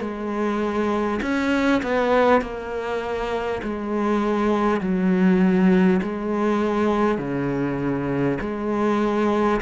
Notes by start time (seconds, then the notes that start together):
0.00 G#3
1.22 C#4
1.82 B3
2.41 A#3
3.63 G#3
4.80 F#3
6.02 G#3
7.18 C#3
8.41 G#3